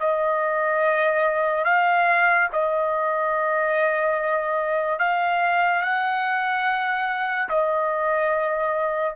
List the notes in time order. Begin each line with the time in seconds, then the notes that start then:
0.00 D#5
1.65 F5
2.53 D#5
4.99 F5
5.82 F#5
7.49 D#5